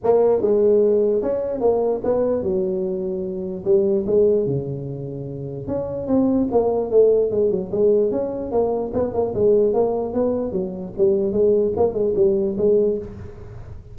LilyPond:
\new Staff \with { instrumentName = "tuba" } { \time 4/4 \tempo 4 = 148 ais4 gis2 cis'4 | ais4 b4 fis2~ | fis4 g4 gis4 cis4~ | cis2 cis'4 c'4 |
ais4 a4 gis8 fis8 gis4 | cis'4 ais4 b8 ais8 gis4 | ais4 b4 fis4 g4 | gis4 ais8 gis8 g4 gis4 | }